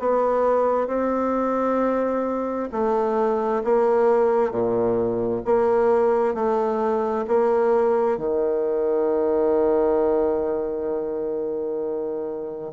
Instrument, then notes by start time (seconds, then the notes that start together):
bassoon
0.00 B3
0.88 C4
2.72 A3
3.64 A#3
4.51 A#2
5.45 A#3
6.35 A3
7.28 A#3
8.18 D#3